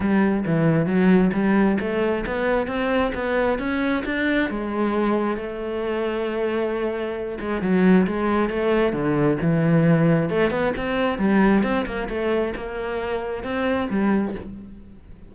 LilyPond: \new Staff \with { instrumentName = "cello" } { \time 4/4 \tempo 4 = 134 g4 e4 fis4 g4 | a4 b4 c'4 b4 | cis'4 d'4 gis2 | a1~ |
a8 gis8 fis4 gis4 a4 | d4 e2 a8 b8 | c'4 g4 c'8 ais8 a4 | ais2 c'4 g4 | }